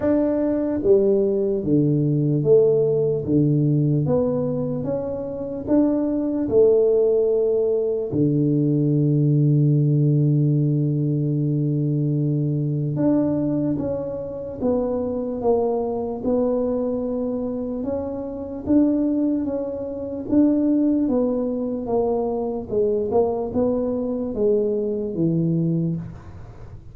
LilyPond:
\new Staff \with { instrumentName = "tuba" } { \time 4/4 \tempo 4 = 74 d'4 g4 d4 a4 | d4 b4 cis'4 d'4 | a2 d2~ | d1 |
d'4 cis'4 b4 ais4 | b2 cis'4 d'4 | cis'4 d'4 b4 ais4 | gis8 ais8 b4 gis4 e4 | }